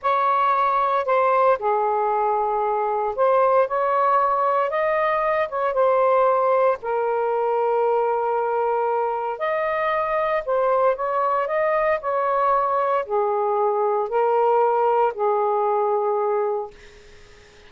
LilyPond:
\new Staff \with { instrumentName = "saxophone" } { \time 4/4 \tempo 4 = 115 cis''2 c''4 gis'4~ | gis'2 c''4 cis''4~ | cis''4 dis''4. cis''8 c''4~ | c''4 ais'2.~ |
ais'2 dis''2 | c''4 cis''4 dis''4 cis''4~ | cis''4 gis'2 ais'4~ | ais'4 gis'2. | }